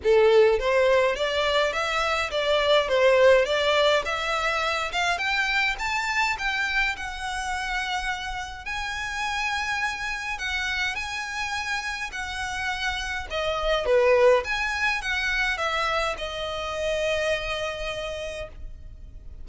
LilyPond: \new Staff \with { instrumentName = "violin" } { \time 4/4 \tempo 4 = 104 a'4 c''4 d''4 e''4 | d''4 c''4 d''4 e''4~ | e''8 f''8 g''4 a''4 g''4 | fis''2. gis''4~ |
gis''2 fis''4 gis''4~ | gis''4 fis''2 dis''4 | b'4 gis''4 fis''4 e''4 | dis''1 | }